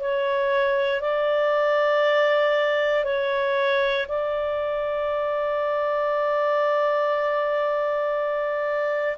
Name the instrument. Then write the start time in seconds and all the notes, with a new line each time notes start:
clarinet
0.00 C#5
1.01 D5
3.05 C#5
4.09 D5